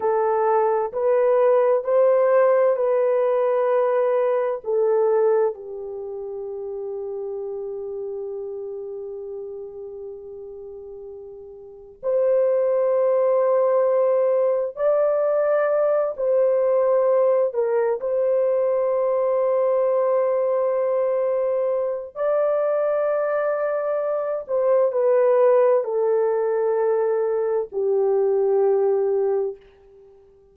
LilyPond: \new Staff \with { instrumentName = "horn" } { \time 4/4 \tempo 4 = 65 a'4 b'4 c''4 b'4~ | b'4 a'4 g'2~ | g'1~ | g'4 c''2. |
d''4. c''4. ais'8 c''8~ | c''1 | d''2~ d''8 c''8 b'4 | a'2 g'2 | }